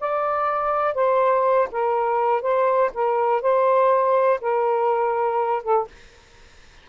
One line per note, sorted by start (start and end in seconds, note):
0.00 0.95 D5
0.95 1.69 C5
1.72 2.42 A#4
2.42 2.91 C5
2.94 3.42 A#4
3.42 4.40 C5
4.41 5.63 A#4
5.63 5.88 A4